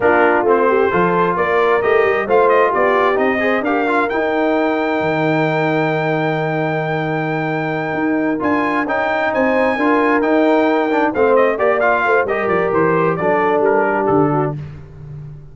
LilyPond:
<<
  \new Staff \with { instrumentName = "trumpet" } { \time 4/4 \tempo 4 = 132 ais'4 c''2 d''4 | dis''4 f''8 dis''8 d''4 dis''4 | f''4 g''2.~ | g''1~ |
g''2~ g''8 gis''4 g''8~ | g''8 gis''2 g''4.~ | g''8 f''8 dis''8 d''8 f''4 dis''8 d''8 | c''4 d''4 ais'4 a'4 | }
  \new Staff \with { instrumentName = "horn" } { \time 4/4 f'4. g'8 a'4 ais'4~ | ais'4 c''4 g'4. c''8 | ais'1~ | ais'1~ |
ais'1~ | ais'8 c''4 ais'2~ ais'8~ | ais'8 c''4 d''4 c''8 ais'4~ | ais'4 a'4. g'4 fis'8 | }
  \new Staff \with { instrumentName = "trombone" } { \time 4/4 d'4 c'4 f'2 | g'4 f'2 dis'8 gis'8 | g'8 f'8 dis'2.~ | dis'1~ |
dis'2~ dis'8 f'4 dis'8~ | dis'4. f'4 dis'4. | d'8 c'4 g'8 f'4 g'4~ | g'4 d'2. | }
  \new Staff \with { instrumentName = "tuba" } { \time 4/4 ais4 a4 f4 ais4 | a8 g8 a4 b4 c'4 | d'4 dis'2 dis4~ | dis1~ |
dis4. dis'4 d'4 cis'8~ | cis'8 c'4 d'4 dis'4.~ | dis'8 a4 ais4 a8 g8 f8 | e4 fis4 g4 d4 | }
>>